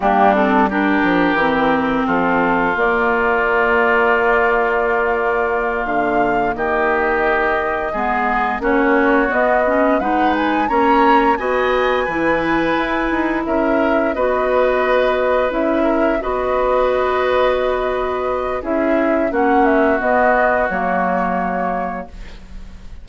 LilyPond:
<<
  \new Staff \with { instrumentName = "flute" } { \time 4/4 \tempo 4 = 87 g'8 a'8 ais'2 a'4 | d''1~ | d''8 f''4 dis''2~ dis''8~ | dis''8 cis''4 dis''4 fis''8 gis''8 ais''8~ |
ais''8 gis''2. e''8~ | e''8 dis''2 e''4 dis''8~ | dis''2. e''4 | fis''8 e''8 dis''4 cis''2 | }
  \new Staff \with { instrumentName = "oboe" } { \time 4/4 d'4 g'2 f'4~ | f'1~ | f'4. g'2 gis'8~ | gis'8 fis'2 b'4 cis''8~ |
cis''8 dis''4 b'2 ais'8~ | ais'8 b'2~ b'8 ais'8 b'8~ | b'2. gis'4 | fis'1 | }
  \new Staff \with { instrumentName = "clarinet" } { \time 4/4 ais8 c'8 d'4 c'2 | ais1~ | ais2.~ ais8 b8~ | b8 cis'4 b8 cis'8 dis'4 cis'8~ |
cis'8 fis'4 e'2~ e'8~ | e'8 fis'2 e'4 fis'8~ | fis'2. e'4 | cis'4 b4 ais2 | }
  \new Staff \with { instrumentName = "bassoon" } { \time 4/4 g4. f8 e4 f4 | ais1~ | ais8 d4 dis2 gis8~ | gis8 ais4 b4 gis4 ais8~ |
ais8 b4 e4 e'8 dis'8 cis'8~ | cis'8 b2 cis'4 b8~ | b2. cis'4 | ais4 b4 fis2 | }
>>